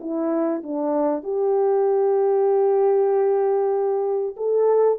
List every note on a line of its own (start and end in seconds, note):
0.00 0.62 E4
0.63 1.24 D4
1.24 4.36 G4
4.37 4.99 A4